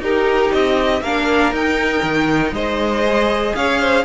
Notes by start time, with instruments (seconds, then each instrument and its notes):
0.00 cello D#4, viola D#4, violin G4 A#4
0.53 cello C4, violin D#5
1.02 cello A#3, viola D4, violin A#4 F5
1.52 cello D#4, viola D#4, violin G5
2.03 cello D#3
2.52 cello G#3, violin C5 D#5
3.06 viola G#4
3.56 cello C#4, violin C#5 F5
3.80 violin C5